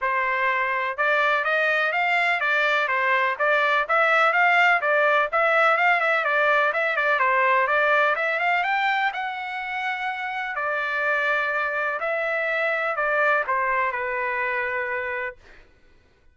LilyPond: \new Staff \with { instrumentName = "trumpet" } { \time 4/4 \tempo 4 = 125 c''2 d''4 dis''4 | f''4 d''4 c''4 d''4 | e''4 f''4 d''4 e''4 | f''8 e''8 d''4 e''8 d''8 c''4 |
d''4 e''8 f''8 g''4 fis''4~ | fis''2 d''2~ | d''4 e''2 d''4 | c''4 b'2. | }